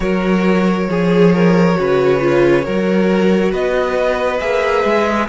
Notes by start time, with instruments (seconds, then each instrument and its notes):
0.00 cello F#3, viola F#4, violin A#4 C#5
0.89 cello F3, violin G#4, viola G#4
1.33 violin A#4
1.75 cello C#3, viola F#4, violin B4
2.20 viola F4
2.62 cello F#3, viola F#4, violin A#4
3.51 cello B3, violin B4 D#5
4.40 cello A#3, viola G#4, violin E5
4.84 cello G#3